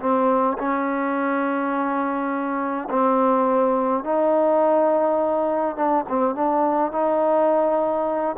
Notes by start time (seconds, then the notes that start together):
0.00 C4
0.58 C#4
2.90 C4
4.04 D#4
5.76 D4
6.09 C4
6.35 D4
6.92 D#4